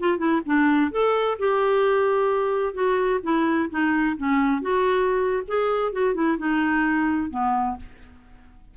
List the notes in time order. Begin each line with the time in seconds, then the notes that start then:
0.00 F4
0.18 E4
0.46 D4
0.92 A4
1.39 G4
2.74 F#4
3.23 E4
3.70 D#4
4.18 C#4
4.62 F#4
5.48 G#4
5.93 F#4
6.15 E4
6.38 D#4
7.31 B3